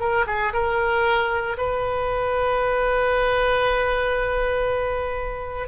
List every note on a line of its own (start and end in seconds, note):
0.00 0.26 A#4
0.27 0.53 G#4
0.54 1.57 A#4
1.58 5.68 B4